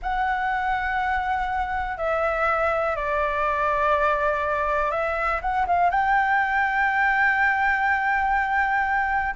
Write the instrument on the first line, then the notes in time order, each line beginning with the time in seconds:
flute
0.02 F#5
1.97 E5
2.96 D5
4.91 E5
5.41 F#5
5.66 F5
5.90 G5